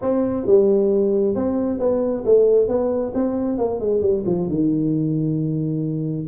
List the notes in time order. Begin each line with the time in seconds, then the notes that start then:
0.01 C4
0.46 G3
1.35 C4
1.79 B3
2.25 A3
2.67 B3
3.14 C4
3.58 A#3
3.80 G#3
4.01 G3
4.26 F3
4.48 D#3